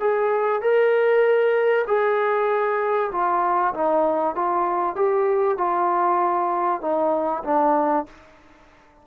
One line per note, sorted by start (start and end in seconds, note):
0.00 0.62 G#4
0.62 1.85 A#4
1.87 3.11 G#4
3.12 3.73 F4
3.74 4.35 D#4
4.35 4.96 F4
4.96 5.58 G4
5.58 6.81 F4
6.81 7.43 D#4
7.44 8.06 D4